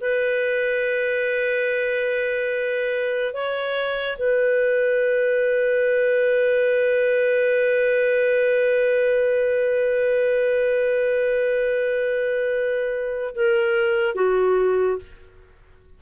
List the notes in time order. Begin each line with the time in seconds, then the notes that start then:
0.00 B4
3.33 C#5
4.17 B4
13.35 A#4
14.14 F#4